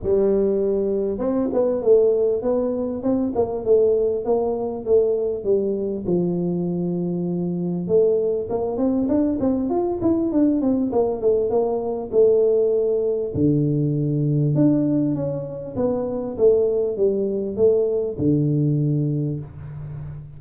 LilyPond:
\new Staff \with { instrumentName = "tuba" } { \time 4/4 \tempo 4 = 99 g2 c'8 b8 a4 | b4 c'8 ais8 a4 ais4 | a4 g4 f2~ | f4 a4 ais8 c'8 d'8 c'8 |
f'8 e'8 d'8 c'8 ais8 a8 ais4 | a2 d2 | d'4 cis'4 b4 a4 | g4 a4 d2 | }